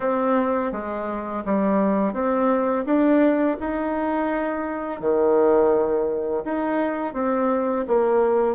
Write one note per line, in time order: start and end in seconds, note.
0.00 0.71 C4
0.72 1.43 G#3
1.45 2.13 G3
2.13 2.84 C4
2.85 3.56 D4
3.59 5.00 D#4
5.00 6.43 D#3
6.44 7.13 D#4
7.13 7.85 C4
7.87 8.54 A#3